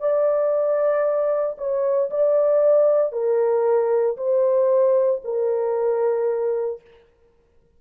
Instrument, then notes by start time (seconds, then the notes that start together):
horn
0.00 D5
1.58 C#5
2.11 D5
3.13 A#4
4.17 C5
5.25 A#4